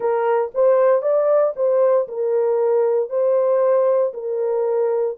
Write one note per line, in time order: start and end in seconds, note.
0.00 0.51 A#4
0.54 1.02 C5
1.02 1.53 D5
1.56 2.07 C5
2.08 3.09 A#4
3.09 4.12 C5
4.13 5.17 A#4